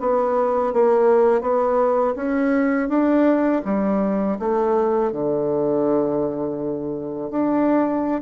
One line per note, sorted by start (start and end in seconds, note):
0.00 0.73 B3
0.73 1.41 A#3
1.41 2.15 B3
2.16 2.89 C#4
2.89 3.62 D4
3.65 4.38 G3
4.39 5.12 A3
5.12 7.30 D3
7.30 8.22 D4